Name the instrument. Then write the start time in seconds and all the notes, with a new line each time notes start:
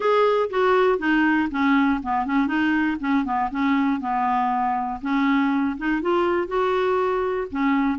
clarinet
0.00 G#4
0.50 F#4
0.98 D#4
1.50 C#4
2.02 B3
2.25 C#4
2.47 D#4
3.00 C#4
3.25 B3
3.50 C#4
4.00 B3
5.01 C#4
5.77 D#4
6.01 F4
6.47 F#4
7.51 C#4